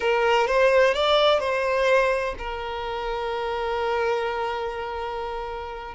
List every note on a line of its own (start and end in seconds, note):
0.00 0.47 A#4
0.47 0.94 C5
0.94 1.39 D5
1.39 2.34 C5
2.38 5.94 A#4